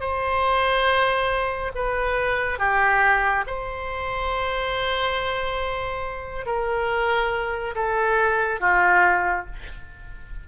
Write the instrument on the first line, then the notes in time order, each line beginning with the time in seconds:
oboe
0.00 C5
1.75 B4
2.58 G4
3.46 C5
6.46 A#4
7.75 A4
8.60 F4